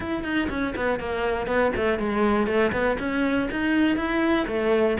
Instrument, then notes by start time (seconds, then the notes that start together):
cello
0.00 E4
0.23 D#4
0.49 C#4
0.76 B3
0.99 A#3
1.47 B3
1.76 A3
1.98 G#3
2.46 A3
2.72 B3
2.99 C#4
3.51 D#4
3.96 E4
4.47 A3